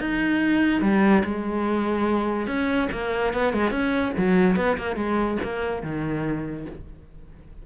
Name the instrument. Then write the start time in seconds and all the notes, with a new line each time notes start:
cello
0.00 D#4
0.82 G3
1.25 G#3
2.48 C#4
2.92 A#3
3.34 B3
3.54 G#3
3.71 C#4
4.18 F#3
4.56 B3
4.78 A#3
4.96 G#3
5.44 A#3
5.83 D#3